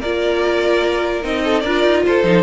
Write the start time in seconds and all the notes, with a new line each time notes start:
0.00 A#3 F4 A#4 D5
1.22 C4 D#4 D#5
1.44 A4
1.61 D4 A#4 D5
1.67 F4
1.84 D#4
2.06 F4 A4 C5
2.24 F3 D#4